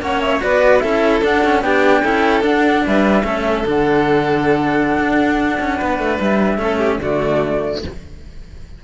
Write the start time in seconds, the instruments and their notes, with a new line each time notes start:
0.00 cello A#3 C#4, violin C#5, flute F#5
0.21 flute E5
0.40 cello B3 F#4, violin B4, flute D5
0.79 cello C#4 E4, violin A4, flute E5
1.22 cello D4, flute F#5
1.44 cello C#4
1.61 cello B3 D4, violin G4, flute G5
2.02 cello C#4 E4, violin A4
2.41 cello D4, flute F#5
2.86 cello G3, violin B4, flute E5
3.24 cello A3 C#4, violin A4
3.65 cello D3 D4, flute F#5
4.97 cello D4
5.60 cello C#4
5.76 cello B3, violin B4
5.98 cello A3
6.19 cello G3, flute E5
6.58 cello A3 C#4, violin A4
6.78 violin G4
6.98 cello D3 A3, violin F#4, flute D5